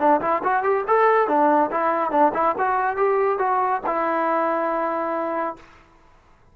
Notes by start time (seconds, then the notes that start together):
0.00 D4
0.21 E4
0.44 F#4
0.64 G4
0.88 A4
1.28 D4
1.71 E4
2.11 D4
2.34 E4
2.59 F#4
2.97 G4
3.39 F#4
3.87 E4